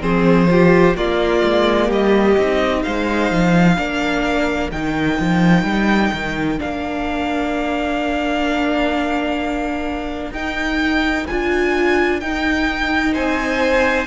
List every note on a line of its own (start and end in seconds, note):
0.00 0.95 F3
0.00 0.47 C4
0.00 0.48 G#4
0.00 0.96 C5
0.49 0.96 F4
0.49 0.97 G4
0.95 1.42 A#3
0.95 2.37 A#3
0.95 1.87 F4
0.95 1.90 D5
1.44 1.90 G#3
1.87 2.37 G3
1.87 2.80 G4
1.87 2.82 D#5
2.37 2.84 C4
2.37 3.76 D#4
2.82 3.31 G#3
2.82 3.76 C5
2.82 4.70 F5
3.31 3.78 F3
3.76 4.72 A#3
3.76 4.70 D4
3.76 13.13 A#4
4.72 5.19 D#3
4.72 6.58 D#4
4.72 6.59 G5
5.20 5.63 F3
5.63 6.10 G3
6.12 6.59 D#3
6.58 10.31 A#3
6.58 10.33 D4
6.58 10.33 F5
10.31 11.25 D#4
10.31 11.28 D#4
10.31 11.27 G5
11.27 12.22 D4
11.27 12.22 F4
11.27 12.20 G#5
12.20 14.06 D#4
12.20 13.16 D#4
12.20 13.14 G5
13.13 14.06 C4
13.13 14.06 C5
13.13 14.06 G#5